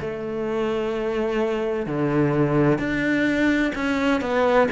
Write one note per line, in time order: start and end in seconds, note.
0.00 1.86 A3
1.86 2.78 D3
2.78 3.72 D4
3.75 4.21 C#4
4.21 4.67 B3